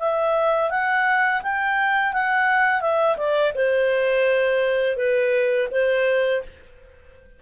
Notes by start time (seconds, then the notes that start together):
0.00 E5
0.71 F#5
1.43 G5
2.13 F#5
2.81 E5
3.17 D5
3.55 C5
4.97 B4
5.71 C5